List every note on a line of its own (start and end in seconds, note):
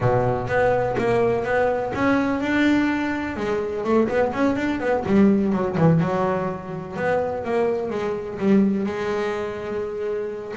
0.00 0.47 B2
0.47 0.95 B3
0.98 1.44 A#3
1.44 1.92 B3
1.94 2.40 C#4
2.40 3.36 D4
3.36 3.84 G#3
3.84 4.08 A3
4.08 4.32 B3
4.33 4.56 C#4
4.56 4.80 D4
4.80 5.04 B3
5.06 5.52 G3
5.52 5.76 F#3
5.77 6.00 E3
6.00 6.96 F#3
6.96 7.44 B3
7.44 7.90 A#3
7.90 8.38 G#3
8.38 8.85 G3
8.85 10.53 G#3